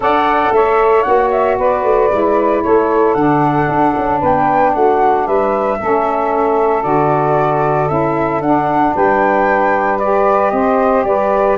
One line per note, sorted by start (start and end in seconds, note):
0.00 0.50 D4
0.00 1.04 A4
0.00 0.54 D5
0.00 0.53 F#5
0.51 1.04 A3
0.51 1.57 C#5
0.51 1.02 E5
1.02 1.58 A#3
1.02 2.09 F#4
1.02 1.28 F#5
1.31 1.57 E5
1.57 1.83 B3
1.57 2.62 B4
1.57 2.63 D5
1.83 2.10 A3
2.11 2.64 G#3
2.11 3.15 E4
2.63 3.14 A3
2.63 4.19 A4
2.63 3.14 C#5
3.14 3.67 D3
3.14 5.79 D4
3.14 4.19 F#5
3.68 3.94 D4
3.96 4.22 C#4
4.19 4.75 B3
4.19 4.72 B4
4.19 4.74 G5
4.74 5.27 A3
4.74 5.25 F#4
4.74 5.27 F#5
5.25 5.79 G3
5.25 5.78 B4
5.25 6.83 E5
5.79 6.84 A3
5.79 6.83 C#4
5.79 8.94 A4
6.83 7.89 D3
6.83 7.88 F#4
6.83 7.88 D5
7.88 8.41 C#4
7.88 8.40 E4
7.88 8.41 E5
8.41 8.93 D4
8.41 10.01 D4
8.41 8.94 F#5
8.95 10.52 G3
8.95 10.52 B4
8.95 9.99 G5
9.99 11.57 G4
9.99 10.50 D5
10.50 11.04 C4
10.50 11.05 C5
10.50 11.03 D#5
11.04 11.56 G3
11.04 11.57 B4
11.04 11.57 D5